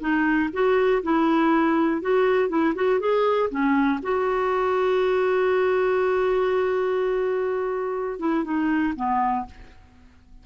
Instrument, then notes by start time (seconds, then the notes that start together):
clarinet
0.00 D#4
0.53 F#4
1.03 E4
2.01 F#4
2.49 E4
2.75 F#4
2.99 G#4
3.50 C#4
4.03 F#4
8.19 E4
8.44 D#4
8.96 B3